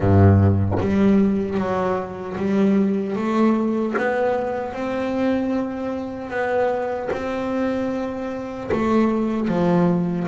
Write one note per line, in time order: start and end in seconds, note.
0.00 0.78 G2
0.79 1.57 G3
1.57 2.36 F#3
2.37 3.16 G3
3.16 3.95 A3
3.97 4.72 B3
4.72 6.30 C4
6.30 7.09 B3
7.12 8.70 C4
8.71 9.48 A3
9.48 10.27 F3